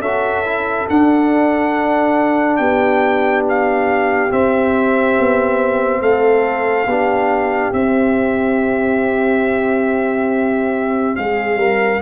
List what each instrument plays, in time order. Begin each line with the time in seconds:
0.00 tuba C#4, trombone F#4, horn A4, trumpet E5
0.45 trombone E4
0.88 trombone D4, tuba D4, trumpet F#5
2.57 tuba B3, horn G4, trumpet G5
3.49 trumpet F5
4.31 trombone C4, tuba C4, trumpet E5
5.19 tuba B3
6.01 tuba A3, horn A4, trumpet F5
6.86 tuba B3, trombone D4, horn G4
7.73 tuba C4, trombone C4, trumpet E5
11.16 tuba G#3, horn G#4, trumpet F5
11.56 tuba G3, horn A#4